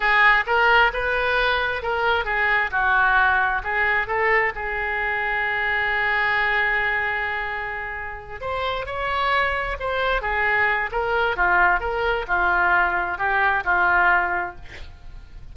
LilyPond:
\new Staff \with { instrumentName = "oboe" } { \time 4/4 \tempo 4 = 132 gis'4 ais'4 b'2 | ais'4 gis'4 fis'2 | gis'4 a'4 gis'2~ | gis'1~ |
gis'2~ gis'8 c''4 cis''8~ | cis''4. c''4 gis'4. | ais'4 f'4 ais'4 f'4~ | f'4 g'4 f'2 | }